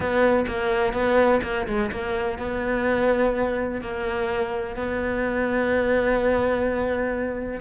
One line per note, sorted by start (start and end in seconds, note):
0.00 0.45 B3
0.47 0.93 A#3
0.93 1.40 B3
1.42 1.66 A#3
1.67 1.90 G#3
1.91 2.38 A#3
2.38 3.81 B3
3.81 4.76 A#3
4.76 7.60 B3